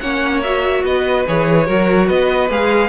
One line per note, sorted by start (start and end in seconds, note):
0.00 0.84 A#3
0.00 0.44 C#4
0.00 0.85 C#5
0.00 0.41 F#5
0.43 1.27 F#4
0.43 0.84 E5
0.84 1.25 B3
0.84 1.67 B4
0.84 1.27 D#5
1.28 1.69 E3
1.28 1.66 G#4
1.28 2.09 C#5
1.66 2.10 F#3
1.66 2.49 F#4
1.66 2.07 A#4
2.07 2.50 B3
2.07 2.89 B4
2.07 2.50 D#5
2.50 2.89 G#3
2.50 2.89 G#4
2.50 2.89 F5